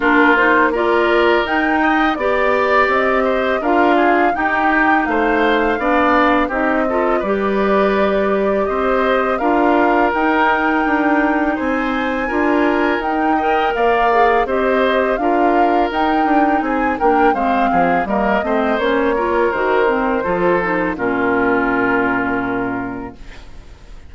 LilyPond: <<
  \new Staff \with { instrumentName = "flute" } { \time 4/4 \tempo 4 = 83 ais'8 c''8 d''4 g''4 d''4 | dis''4 f''4 g''4 f''4~ | f''4 dis''4 d''2 | dis''4 f''4 g''2 |
gis''2 g''4 f''4 | dis''4 f''4 g''4 gis''8 g''8 | f''4 dis''4 cis''4 c''4~ | c''4 ais'2. | }
  \new Staff \with { instrumentName = "oboe" } { \time 4/4 f'4 ais'4. dis''8 d''4~ | d''8 c''8 ais'8 gis'8 g'4 c''4 | d''4 g'8 a'8 b'2 | c''4 ais'2. |
c''4 ais'4. dis''8 d''4 | c''4 ais'2 gis'8 ais'8 | c''8 gis'8 ais'8 c''4 ais'4. | a'4 f'2. | }
  \new Staff \with { instrumentName = "clarinet" } { \time 4/4 d'8 dis'8 f'4 dis'4 g'4~ | g'4 f'4 dis'2 | d'4 dis'8 f'8 g'2~ | g'4 f'4 dis'2~ |
dis'4 f'4 dis'8 ais'4 gis'8 | g'4 f'4 dis'4. d'8 | c'4 ais8 c'8 cis'8 f'8 fis'8 c'8 | f'8 dis'8 cis'2. | }
  \new Staff \with { instrumentName = "bassoon" } { \time 4/4 ais2 dis'4 b4 | c'4 d'4 dis'4 a4 | b4 c'4 g2 | c'4 d'4 dis'4 d'4 |
c'4 d'4 dis'4 ais4 | c'4 d'4 dis'8 d'8 c'8 ais8 | gis8 f8 g8 a8 ais4 dis4 | f4 ais,2. | }
>>